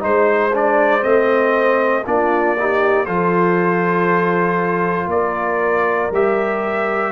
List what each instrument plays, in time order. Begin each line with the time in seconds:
0.00 tuba G#3, trombone D#4, horn C5, trumpet C5
0.53 trombone D4, trumpet D5
1.02 tuba A3, trombone C4, trumpet D#5
2.06 tuba A#3, trombone D4, horn F4, trumpet D5
2.58 trombone D#4, horn G4
3.06 tuba F3, trombone F4, horn A4, trumpet C5
5.07 tuba A#3, horn A#4, trumpet D5
6.11 tuba G3, trombone G4, trumpet E5